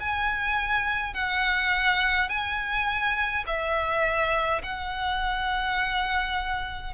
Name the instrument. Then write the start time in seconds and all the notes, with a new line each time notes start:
violin
0.00 G#5
1.14 F#5
2.29 G#5
3.47 E5
4.63 F#5